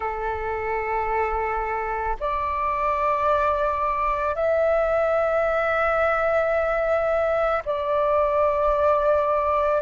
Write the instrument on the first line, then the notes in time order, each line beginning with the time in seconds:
flute
0.00 A4
2.20 D5
4.35 E5
7.65 D5